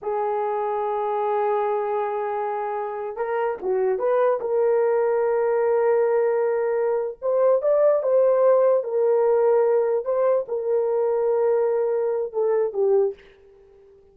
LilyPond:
\new Staff \with { instrumentName = "horn" } { \time 4/4 \tempo 4 = 146 gis'1~ | gis'2.~ gis'8. ais'16~ | ais'8. fis'4 b'4 ais'4~ ais'16~ | ais'1~ |
ais'4. c''4 d''4 c''8~ | c''4. ais'2~ ais'8~ | ais'8 c''4 ais'2~ ais'8~ | ais'2 a'4 g'4 | }